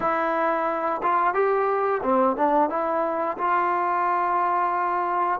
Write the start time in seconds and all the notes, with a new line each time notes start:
0.00 E4
1.02 F4
1.33 G4
2.02 C4
2.36 D4
2.69 E4
3.37 F4